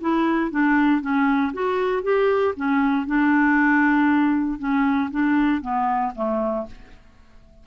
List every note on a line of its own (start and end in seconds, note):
0.00 0.50 E4
0.50 1.01 D4
1.01 1.52 C#4
1.53 2.03 F#4
2.03 2.54 G4
2.56 3.06 C#4
3.06 4.59 D4
4.59 5.10 C#4
5.10 5.61 D4
5.61 6.13 B3
6.15 6.66 A3